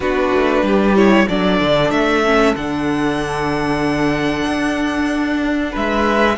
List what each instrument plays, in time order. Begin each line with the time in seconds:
0.00 cello B3, viola D4, violin F#4 B4
0.33 cello A3
0.62 cello G3, violin G4
0.95 viola E4, violin C#5
1.27 cello F#3, viola D4, violin A4 D5
1.60 cello D3
1.90 cello A3, violin E5
2.24 viola C#4
2.55 cello D3, viola D4, violin F#5
4.47 cello D4
5.72 cello G#3, violin B4 E5